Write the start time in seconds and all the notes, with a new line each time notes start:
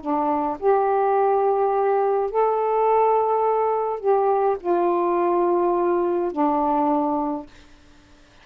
0.00 D4
0.59 G4
2.30 A4
3.99 G4
4.60 F4
6.32 D4